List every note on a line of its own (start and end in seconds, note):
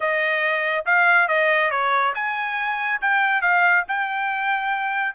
0.00 0.85 D#5
0.85 1.28 F5
1.28 1.70 D#5
1.70 2.13 C#5
2.14 3.00 G#5
3.01 3.41 G5
3.41 3.84 F5
3.88 5.15 G5